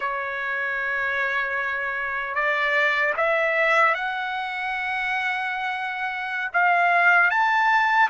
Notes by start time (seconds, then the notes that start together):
0.00 C#5
2.34 D5
3.17 E5
3.94 F#5
6.52 F5
7.30 A5